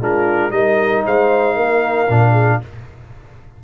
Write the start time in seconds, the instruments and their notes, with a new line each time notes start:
0.00 tuba G#3, trombone D4, horn F4, trumpet A#4
0.50 tuba G3, trombone D#4, horn A#4, trumpet D#5
1.05 tuba G#3, horn C5, trumpet F5
1.55 tuba A#3, horn A#4
2.09 tuba A#2, trombone D4
2.31 horn G#4